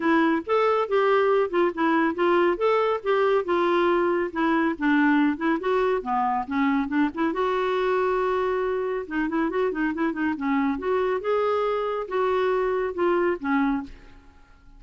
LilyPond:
\new Staff \with { instrumentName = "clarinet" } { \time 4/4 \tempo 4 = 139 e'4 a'4 g'4. f'8 | e'4 f'4 a'4 g'4 | f'2 e'4 d'4~ | d'8 e'8 fis'4 b4 cis'4 |
d'8 e'8 fis'2.~ | fis'4 dis'8 e'8 fis'8 dis'8 e'8 dis'8 | cis'4 fis'4 gis'2 | fis'2 f'4 cis'4 | }